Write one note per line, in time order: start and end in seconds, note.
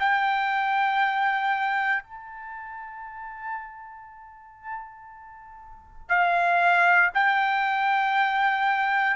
0.00 2.03 G5
2.03 6.09 A5
6.09 7.10 F5
7.14 9.16 G5